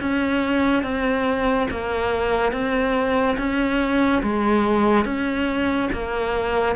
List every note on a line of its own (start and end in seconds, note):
0.00 0.83 C#4
0.83 1.67 C4
1.70 2.52 A#3
2.52 3.36 C4
3.38 4.22 C#4
4.22 5.05 G#3
5.05 5.89 C#4
5.92 6.76 A#3